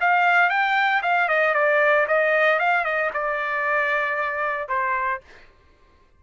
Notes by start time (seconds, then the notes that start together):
0.00 F5
0.49 G5
1.02 F5
1.28 D#5
1.54 D5
2.07 D#5
2.59 F5
2.84 D#5
3.13 D5
4.68 C5